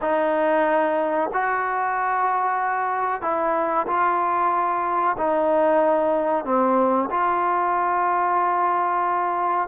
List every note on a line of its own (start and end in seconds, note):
0.01 1.30 D#4
1.33 3.21 F#4
3.21 3.86 E4
3.87 5.16 F4
5.17 6.44 D#4
6.44 7.09 C4
7.10 9.68 F4